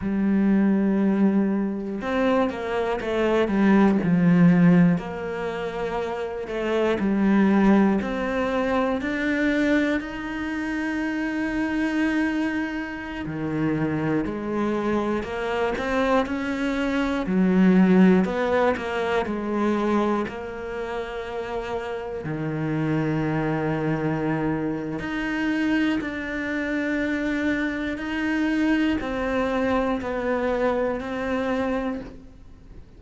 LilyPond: \new Staff \with { instrumentName = "cello" } { \time 4/4 \tempo 4 = 60 g2 c'8 ais8 a8 g8 | f4 ais4. a8 g4 | c'4 d'4 dis'2~ | dis'4~ dis'16 dis4 gis4 ais8 c'16~ |
c'16 cis'4 fis4 b8 ais8 gis8.~ | gis16 ais2 dis4.~ dis16~ | dis4 dis'4 d'2 | dis'4 c'4 b4 c'4 | }